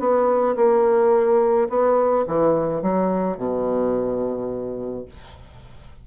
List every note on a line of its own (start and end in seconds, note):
0.00 0.56 B3
0.57 1.69 A#3
1.69 2.26 B3
2.28 2.82 E3
2.82 3.37 F#3
3.37 5.06 B2